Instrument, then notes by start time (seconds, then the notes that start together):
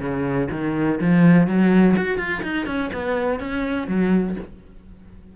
cello
0.00 C#3
0.51 D#3
1.01 F3
1.47 F#3
1.97 F#4
2.18 F4
2.43 D#4
2.66 C#4
2.93 B3
3.40 C#4
3.88 F#3